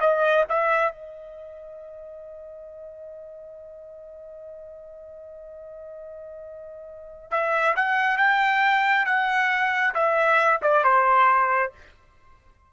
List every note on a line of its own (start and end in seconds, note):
0.00 0.44 D#5
0.49 0.91 E5
0.91 7.30 D#5
7.30 7.74 E5
7.76 8.17 F#5
8.17 9.05 G5
9.05 9.93 F#5
9.94 10.60 E5
10.61 10.83 D5
10.83 11.72 C5